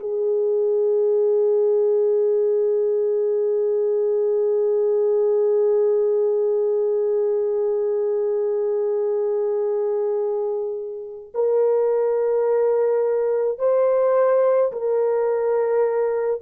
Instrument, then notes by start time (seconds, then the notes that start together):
horn
0.00 G#4
11.34 A#4
13.58 C5
14.72 A#4